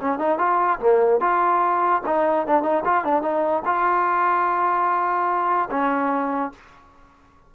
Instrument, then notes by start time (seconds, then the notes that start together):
trombone
0.00 C#4
0.19 D#4
0.38 F4
0.79 A#3
1.20 F4
2.06 D#4
2.47 D4
2.63 D#4
2.85 F4
3.04 D4
3.22 D#4
3.65 F4
5.70 C#4